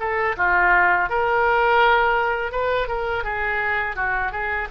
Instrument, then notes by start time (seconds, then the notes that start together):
oboe
0.00 A4
0.37 F4
1.10 A#4
2.52 B4
2.88 A#4
3.24 G#4
3.96 F#4
4.32 G#4